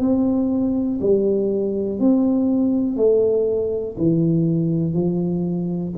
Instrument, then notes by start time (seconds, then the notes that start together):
tuba
0.00 C4
1.01 G3
2.00 C4
2.97 A3
3.98 E3
4.94 F3